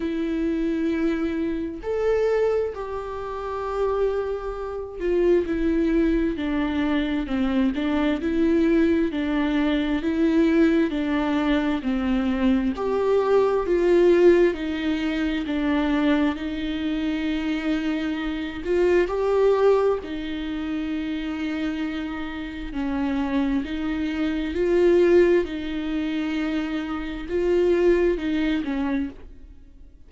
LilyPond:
\new Staff \with { instrumentName = "viola" } { \time 4/4 \tempo 4 = 66 e'2 a'4 g'4~ | g'4. f'8 e'4 d'4 | c'8 d'8 e'4 d'4 e'4 | d'4 c'4 g'4 f'4 |
dis'4 d'4 dis'2~ | dis'8 f'8 g'4 dis'2~ | dis'4 cis'4 dis'4 f'4 | dis'2 f'4 dis'8 cis'8 | }